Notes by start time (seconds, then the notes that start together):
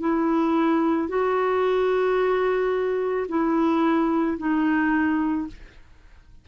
0.00 E4
1.09 F#4
3.29 E4
4.38 D#4